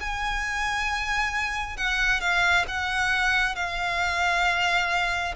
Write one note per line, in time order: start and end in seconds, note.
0.00 1.77 G#5
1.77 2.20 F#5
2.20 2.65 F5
2.68 3.55 F#5
3.55 5.34 F5